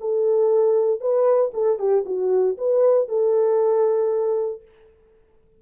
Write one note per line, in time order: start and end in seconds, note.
0.00 1.00 A4
1.00 1.51 B4
1.53 1.79 A4
1.79 2.04 G4
2.05 2.57 F#4
2.57 3.08 B4
3.08 4.62 A4